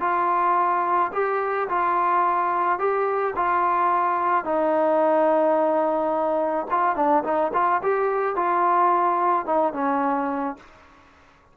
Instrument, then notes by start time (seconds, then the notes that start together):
trombone
0.00 F4
1.12 G4
1.69 F4
2.79 G4
3.35 F4
4.44 D#4
6.70 F4
6.95 D4
7.23 D#4
7.53 F4
7.82 G4
8.36 F4
9.45 D#4
9.73 C#4